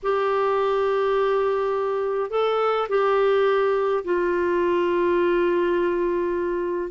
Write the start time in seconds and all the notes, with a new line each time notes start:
0.02 G4
2.30 A4
2.88 G4
4.04 F4